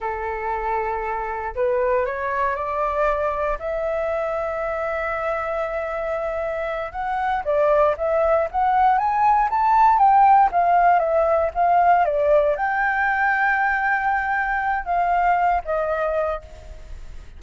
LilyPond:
\new Staff \with { instrumentName = "flute" } { \time 4/4 \tempo 4 = 117 a'2. b'4 | cis''4 d''2 e''4~ | e''1~ | e''4. fis''4 d''4 e''8~ |
e''8 fis''4 gis''4 a''4 g''8~ | g''8 f''4 e''4 f''4 d''8~ | d''8 g''2.~ g''8~ | g''4 f''4. dis''4. | }